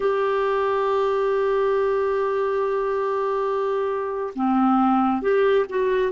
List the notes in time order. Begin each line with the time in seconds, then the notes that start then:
0.00 G4
4.35 C4
5.22 G4
5.69 F#4